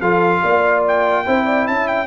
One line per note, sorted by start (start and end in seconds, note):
0.00 0.41 F3
0.00 1.25 F4
0.00 0.42 A4
0.00 0.83 F5
0.42 1.26 A#3
0.42 1.25 D5
0.87 1.67 G5
1.25 1.68 C4
1.25 2.06 E4
1.25 1.45 C5
1.45 1.65 D5
1.65 2.06 C#4
1.65 2.06 E5
1.65 1.87 A5
1.87 2.06 G5